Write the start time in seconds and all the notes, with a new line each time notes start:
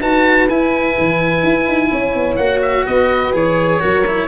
0.00 D#4 F#4 B4 A5
0.49 E4 G#5
0.99 E3
1.44 E4
1.67 D#4
1.92 C#4 C#5
2.15 B3
2.36 A#3 F#4 F#5
2.62 E5
2.86 B3 B4 D#5
3.33 E3 G#4 C#5
3.81 F#3 F#4 A#4
4.08 E4